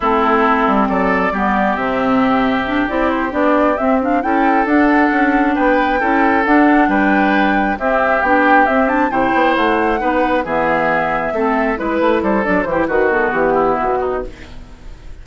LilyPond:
<<
  \new Staff \with { instrumentName = "flute" } { \time 4/4 \tempo 4 = 135 a'2 d''2 | e''2~ e''8 d''8 c''8 d''8~ | d''8 e''8 f''8 g''4 fis''4.~ | fis''8 g''2 fis''4 g''8~ |
g''4. e''4 g''4 e''8 | a''8 g''4 fis''2 e''8~ | e''2~ e''8 b'4 c''8 | d''8 c''8 b'8 a'8 g'4 fis'4 | }
  \new Staff \with { instrumentName = "oboe" } { \time 4/4 e'2 a'4 g'4~ | g'1~ | g'4. a'2~ a'8~ | a'8 b'4 a'2 b'8~ |
b'4. g'2~ g'8~ | g'8 c''2 b'4 gis'8~ | gis'4. a'4 b'4 a'8~ | a'8 g'8 fis'4. e'4 dis'8 | }
  \new Staff \with { instrumentName = "clarinet" } { \time 4/4 c'2. b4 | c'2 d'8 e'4 d'8~ | d'8 c'8 d'8 e'4 d'4.~ | d'4. e'4 d'4.~ |
d'4. c'4 d'4 c'8 | d'8 e'2 dis'4 b8~ | b4. c'4 e'4. | d'8 e'8 fis'8 b2~ b8 | }
  \new Staff \with { instrumentName = "bassoon" } { \time 4/4 a4. g8 fis4 g4 | c2~ c8 c'4 b8~ | b8 c'4 cis'4 d'4 cis'8~ | cis'8 b4 cis'4 d'4 g8~ |
g4. c'4 b4 c'8~ | c'8 c8 b8 a4 b4 e8~ | e4. a4 gis8 a8 g8 | fis8 e8 dis4 e4 b,4 | }
>>